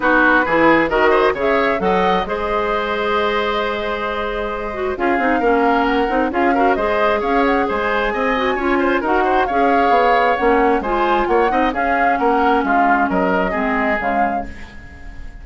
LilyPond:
<<
  \new Staff \with { instrumentName = "flute" } { \time 4/4 \tempo 4 = 133 b'2 dis''4 e''4 | fis''4 dis''2.~ | dis''2. f''4~ | f''4 fis''4 f''4 dis''4 |
f''8 fis''8 gis''2. | fis''4 f''2 fis''4 | gis''4 fis''4 f''4 fis''4 | f''4 dis''2 f''4 | }
  \new Staff \with { instrumentName = "oboe" } { \time 4/4 fis'4 gis'4 ais'8 c''8 cis''4 | dis''4 c''2.~ | c''2. gis'4 | ais'2 gis'8 ais'8 c''4 |
cis''4 c''4 dis''4 cis''8 c''8 | ais'8 c''8 cis''2. | c''4 cis''8 dis''8 gis'4 ais'4 | f'4 ais'4 gis'2 | }
  \new Staff \with { instrumentName = "clarinet" } { \time 4/4 dis'4 e'4 fis'4 gis'4 | a'4 gis'2.~ | gis'2~ gis'8 fis'8 f'8 dis'8 | cis'4. dis'8 f'8 fis'8 gis'4~ |
gis'2~ gis'8 fis'8 f'4 | fis'4 gis'2 cis'4 | f'4. dis'8 cis'2~ | cis'2 c'4 gis4 | }
  \new Staff \with { instrumentName = "bassoon" } { \time 4/4 b4 e4 dis4 cis4 | fis4 gis2.~ | gis2. cis'8 c'8 | ais4. c'8 cis'4 gis4 |
cis'4 gis4 c'4 cis'4 | dis'4 cis'4 b4 ais4 | gis4 ais8 c'8 cis'4 ais4 | gis4 fis4 gis4 cis4 | }
>>